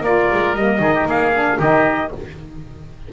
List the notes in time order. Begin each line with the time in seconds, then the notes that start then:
0.00 A#3 F4 A#4 D5
0.32 G#3
0.54 G3 A#3 D#5
0.79 D#3 D#4 G#4
0.94 G4
1.06 A#3 G#4 F5
1.33 D4
1.58 D#3 D#4 G4 D#5